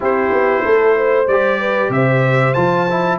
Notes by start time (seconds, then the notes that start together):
0.00 C4 E4 G4 C5
0.31 B3
0.64 A3 A4
0.97 C5
1.27 G3 G4 D5
1.59 B4
1.89 C3 C5 E5
2.53 F3 F4 A5
2.90 E4